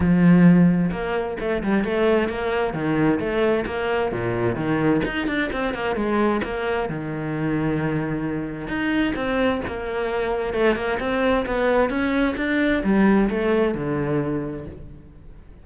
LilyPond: \new Staff \with { instrumentName = "cello" } { \time 4/4 \tempo 4 = 131 f2 ais4 a8 g8 | a4 ais4 dis4 a4 | ais4 ais,4 dis4 dis'8 d'8 | c'8 ais8 gis4 ais4 dis4~ |
dis2. dis'4 | c'4 ais2 a8 ais8 | c'4 b4 cis'4 d'4 | g4 a4 d2 | }